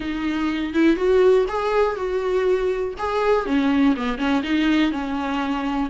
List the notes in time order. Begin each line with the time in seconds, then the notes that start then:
0.00 D#4
0.73 E4
0.96 F#4
1.48 G#4
1.96 F#4
2.98 G#4
3.46 C#4
3.96 B3
4.17 C#4
4.43 D#4
4.91 C#4